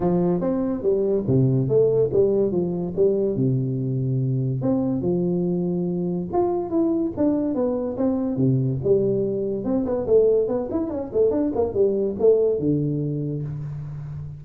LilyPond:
\new Staff \with { instrumentName = "tuba" } { \time 4/4 \tempo 4 = 143 f4 c'4 g4 c4 | a4 g4 f4 g4 | c2. c'4 | f2. f'4 |
e'4 d'4 b4 c'4 | c4 g2 c'8 b8 | a4 b8 e'8 cis'8 a8 d'8 ais8 | g4 a4 d2 | }